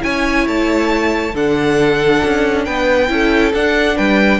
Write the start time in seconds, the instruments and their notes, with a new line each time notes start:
0.00 cello C#4, viola E4, violin C#5 G#5
0.47 cello A3, violin A5
1.34 cello D3, viola D4, violin A4 F#5
2.25 cello C#4
2.65 cello B3, violin B4 G5
3.09 cello C#4, viola E4, violin A4
3.53 cello D4, viola D4, violin F#5
3.97 cello G3, violin B4 G5